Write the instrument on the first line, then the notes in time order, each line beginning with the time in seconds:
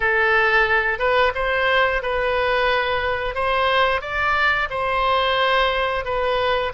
oboe
0.00 A4
0.98 B4
1.35 C5
2.02 B4
3.34 C5
4.01 D5
4.70 C5
6.05 B4